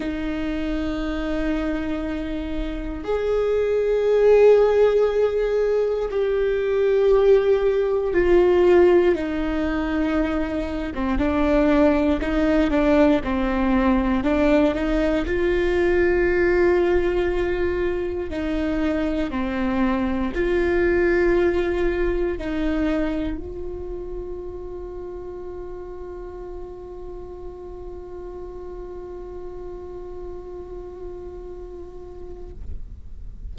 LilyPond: \new Staff \with { instrumentName = "viola" } { \time 4/4 \tempo 4 = 59 dis'2. gis'4~ | gis'2 g'2 | f'4 dis'4.~ dis'16 c'16 d'4 | dis'8 d'8 c'4 d'8 dis'8 f'4~ |
f'2 dis'4 c'4 | f'2 dis'4 f'4~ | f'1~ | f'1 | }